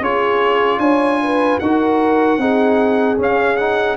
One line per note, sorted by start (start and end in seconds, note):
0.00 0.78 C#4
0.00 1.60 F4
0.00 0.79 G#4
0.00 0.79 C#5
0.78 1.57 D4
0.78 1.19 C#5
0.78 1.58 G#5
1.22 1.62 B4
1.59 2.37 D#4
1.59 2.39 F#4
1.59 2.40 A#4
1.59 3.17 F#5
2.37 3.16 C4
2.37 3.17 D#4
2.37 3.96 G#4
3.17 3.56 C#4
3.17 3.96 C#4
3.17 3.56 F5
3.56 3.96 D#4
3.56 3.96 F#5